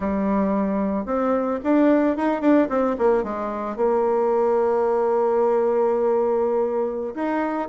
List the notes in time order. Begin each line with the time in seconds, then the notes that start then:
0.00 G3
1.05 C4
1.63 D4
2.16 D#4
2.41 D4
2.69 C4
2.98 A#3
3.23 G#3
3.76 A#3
7.14 D#4